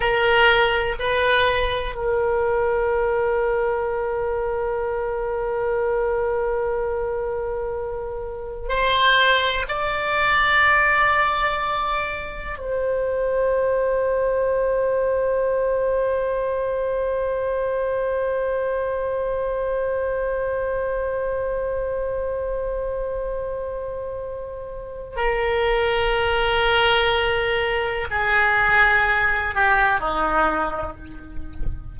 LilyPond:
\new Staff \with { instrumentName = "oboe" } { \time 4/4 \tempo 4 = 62 ais'4 b'4 ais'2~ | ais'1~ | ais'4 c''4 d''2~ | d''4 c''2.~ |
c''1~ | c''1~ | c''2 ais'2~ | ais'4 gis'4. g'8 dis'4 | }